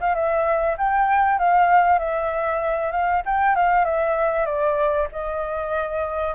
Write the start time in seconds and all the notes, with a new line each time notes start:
0.00 F5
0.14 E5
0.77 G5
1.39 F5
1.98 E5
2.91 F5
3.25 G5
3.55 F5
3.85 E5
4.45 D5
5.11 D#5